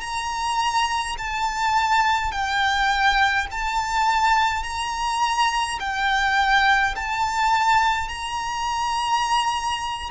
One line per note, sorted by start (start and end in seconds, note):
0.00 1.15 A#5
1.17 2.31 A5
2.31 3.47 G5
3.51 4.63 A5
4.63 5.78 A#5
5.79 6.94 G5
6.95 8.08 A5
8.08 10.10 A#5